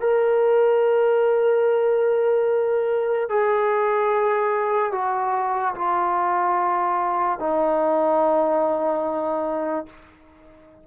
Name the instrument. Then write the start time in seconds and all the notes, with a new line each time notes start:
trombone
0.00 A#4
3.29 G#4
4.92 F#4
5.75 F4
7.39 D#4